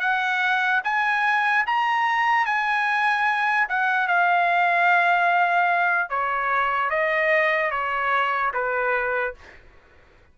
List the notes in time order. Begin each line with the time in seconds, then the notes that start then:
0.00 F#5
0.84 G#5
1.66 A#5
2.46 G#5
3.69 F#5
4.08 F5
6.10 C#5
6.90 D#5
7.71 C#5
8.54 B4